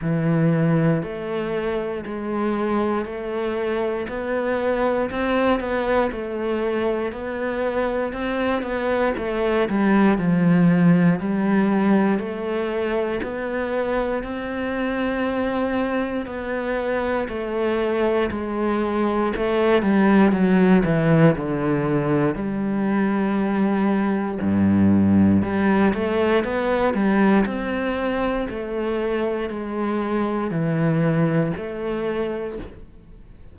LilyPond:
\new Staff \with { instrumentName = "cello" } { \time 4/4 \tempo 4 = 59 e4 a4 gis4 a4 | b4 c'8 b8 a4 b4 | c'8 b8 a8 g8 f4 g4 | a4 b4 c'2 |
b4 a4 gis4 a8 g8 | fis8 e8 d4 g2 | g,4 g8 a8 b8 g8 c'4 | a4 gis4 e4 a4 | }